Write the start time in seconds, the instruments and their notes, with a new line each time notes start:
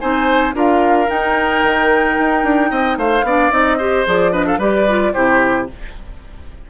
0.00 bassoon C4, clarinet D#4, oboe C5, flute G#5
0.54 bassoon D4, clarinet F4, oboe A#4, flute F5
1.07 clarinet D#4, bassoon D#4, flute G5
1.63 bassoon D#3
2.18 bassoon D#4
2.44 bassoon D4
2.71 bassoon C4, oboe D#5
2.97 bassoon A3, oboe C5, flute F5
3.23 bassoon B3, clarinet D4, oboe D5
3.51 bassoon C4, clarinet D#4, flute D#5
3.78 clarinet G4, oboe C5
4.06 bassoon F3, clarinet G#4, flute D5
4.32 clarinet D4, oboe B4, flute D#5
4.46 oboe A4, flute F5
4.58 bassoon G3, clarinet G4, oboe B4, flute D5
4.88 clarinet F4
5.13 bassoon C3, clarinet E4, oboe G4, flute C5